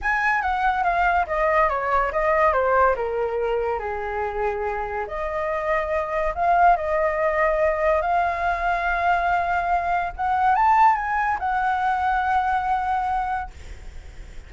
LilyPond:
\new Staff \with { instrumentName = "flute" } { \time 4/4 \tempo 4 = 142 gis''4 fis''4 f''4 dis''4 | cis''4 dis''4 c''4 ais'4~ | ais'4 gis'2. | dis''2. f''4 |
dis''2. f''4~ | f''1 | fis''4 a''4 gis''4 fis''4~ | fis''1 | }